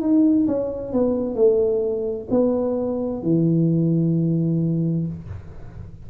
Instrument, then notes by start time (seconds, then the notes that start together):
tuba
0.00 D#4
0.47 C#4
0.92 B3
1.35 A3
2.30 B3
3.22 E3